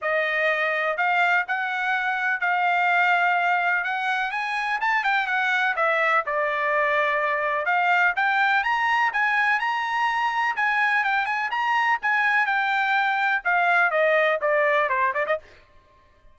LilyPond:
\new Staff \with { instrumentName = "trumpet" } { \time 4/4 \tempo 4 = 125 dis''2 f''4 fis''4~ | fis''4 f''2. | fis''4 gis''4 a''8 g''8 fis''4 | e''4 d''2. |
f''4 g''4 ais''4 gis''4 | ais''2 gis''4 g''8 gis''8 | ais''4 gis''4 g''2 | f''4 dis''4 d''4 c''8 d''16 dis''16 | }